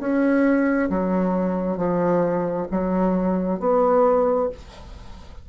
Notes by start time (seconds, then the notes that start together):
0.00 C#4
0.90 F#3
1.77 F3
2.71 F#3
3.59 B3